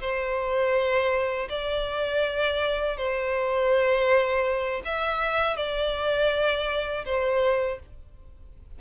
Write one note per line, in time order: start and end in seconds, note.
0.00 1.48 C5
1.49 2.97 D5
2.97 4.82 C5
4.84 5.56 E5
5.56 7.04 D5
7.05 7.79 C5